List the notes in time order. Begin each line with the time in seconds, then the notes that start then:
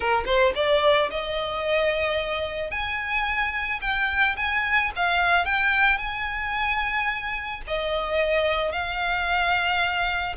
0.00 A#4
0.25 C5
0.55 D5
1.10 D#5
2.70 G#5
3.81 G5
4.36 G#5
4.96 F5
5.45 G5
5.98 G#5
7.67 D#5
8.71 F5